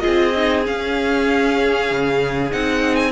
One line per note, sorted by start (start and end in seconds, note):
0.00 0.31 F4
0.00 3.11 G#4
0.00 0.62 D#5
0.07 0.68 C4
0.36 0.65 D#4
0.65 2.50 C#4
0.65 1.91 C#4
0.65 2.52 F5
1.91 2.52 C#3
2.51 3.12 C4
2.51 3.12 D#4
2.51 2.95 F#5
2.95 3.11 G#5